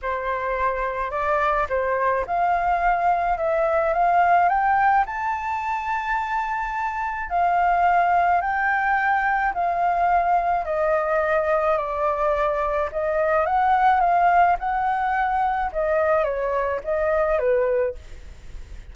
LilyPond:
\new Staff \with { instrumentName = "flute" } { \time 4/4 \tempo 4 = 107 c''2 d''4 c''4 | f''2 e''4 f''4 | g''4 a''2.~ | a''4 f''2 g''4~ |
g''4 f''2 dis''4~ | dis''4 d''2 dis''4 | fis''4 f''4 fis''2 | dis''4 cis''4 dis''4 b'4 | }